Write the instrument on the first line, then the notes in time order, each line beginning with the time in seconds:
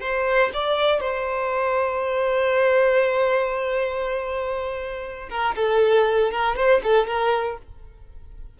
violin
0.00 C5
0.53 D5
1.00 C5
5.30 A#4
5.55 A4
6.31 A#4
6.55 C5
6.83 A4
7.07 A#4